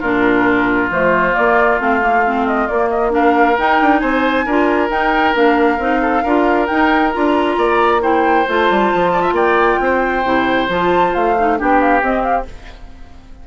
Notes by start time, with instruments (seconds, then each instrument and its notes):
0.00 bassoon A#2, clarinet D4, oboe F4, flute A#4
0.90 bassoon F3, clarinet A3, flute C5
1.31 clarinet A#3, flute D5
1.38 bassoon A#3
1.79 bassoon A3, clarinet C4, flute F5
2.01 clarinet A#3
2.26 clarinet C4
2.47 flute D#5
2.67 clarinet A#3, bassoon A#3, flute D5
2.89 flute D#5
3.10 clarinet D4, oboe A#4, flute F5
3.58 bassoon D#4, clarinet D#4, flute G5
3.81 bassoon D4
4.00 bassoon C4, oboe C5, flute G#5
4.46 bassoon D4, clarinet F4, oboe A#4
4.90 clarinet D#4, bassoon D#4, flute G5
5.34 bassoon A#3, clarinet D4, flute F5
5.78 bassoon C4, clarinet D#4
6.02 oboe A4
6.23 bassoon D4, clarinet F4, oboe A#4
6.67 clarinet D#4, bassoon D#4, flute G5
7.12 bassoon D4, clarinet F4, flute A#5
7.57 bassoon A#3, oboe D5
8.01 clarinet E4, oboe C5, flute G5
8.48 bassoon A3, clarinet F4, flute A5
8.70 bassoon G3
8.94 bassoon F3
9.12 oboe D5
9.22 oboe E5
9.32 bassoon A#3, oboe D5, flute G5
9.80 bassoon C4, oboe C5
10.24 bassoon C3, clarinet E4
10.69 bassoon F3, clarinet F4, flute A5
11.14 bassoon A3, flute F5
11.38 clarinet D#4
11.57 bassoon B3, clarinet D4, oboe G4, flute G5
11.81 flute F5
12.01 clarinet C4, bassoon C4, flute D#5
12.23 flute F5